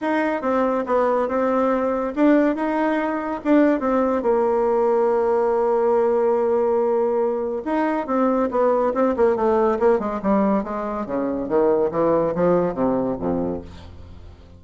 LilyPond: \new Staff \with { instrumentName = "bassoon" } { \time 4/4 \tempo 4 = 141 dis'4 c'4 b4 c'4~ | c'4 d'4 dis'2 | d'4 c'4 ais2~ | ais1~ |
ais2 dis'4 c'4 | b4 c'8 ais8 a4 ais8 gis8 | g4 gis4 cis4 dis4 | e4 f4 c4 f,4 | }